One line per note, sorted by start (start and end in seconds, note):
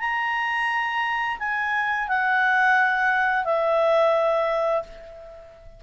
0.00 1.38 A#5
1.39 2.08 G#5
2.08 3.45 F#5
3.45 4.83 E5